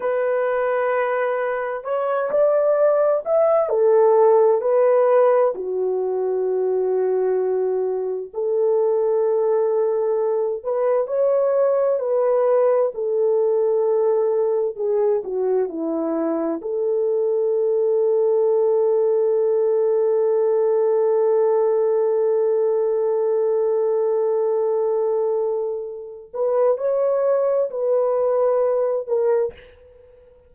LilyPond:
\new Staff \with { instrumentName = "horn" } { \time 4/4 \tempo 4 = 65 b'2 cis''8 d''4 e''8 | a'4 b'4 fis'2~ | fis'4 a'2~ a'8 b'8 | cis''4 b'4 a'2 |
gis'8 fis'8 e'4 a'2~ | a'1~ | a'1~ | a'8 b'8 cis''4 b'4. ais'8 | }